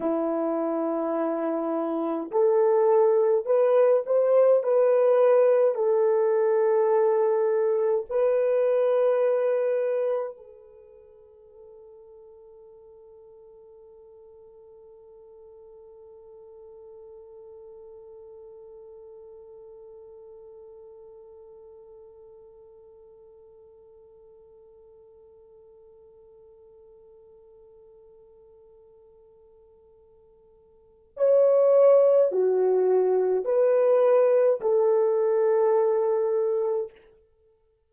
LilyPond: \new Staff \with { instrumentName = "horn" } { \time 4/4 \tempo 4 = 52 e'2 a'4 b'8 c''8 | b'4 a'2 b'4~ | b'4 a'2.~ | a'1~ |
a'1~ | a'1~ | a'2. cis''4 | fis'4 b'4 a'2 | }